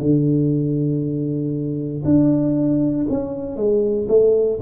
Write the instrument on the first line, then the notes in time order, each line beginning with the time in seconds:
tuba
0.00 D3
2.05 D4
3.10 C#4
3.56 G#3
4.09 A3